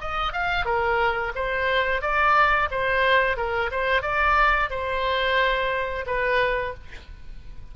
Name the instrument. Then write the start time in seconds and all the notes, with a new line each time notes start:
oboe
0.00 D#5
0.33 F5
0.65 A#4
1.35 C5
2.01 D5
2.71 C5
3.36 A#4
3.71 C5
4.02 D5
4.70 C5
6.06 B4